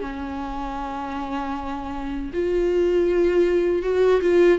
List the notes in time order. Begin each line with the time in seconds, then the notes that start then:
0.00 C#4
2.33 F4
3.82 F#4
4.21 F4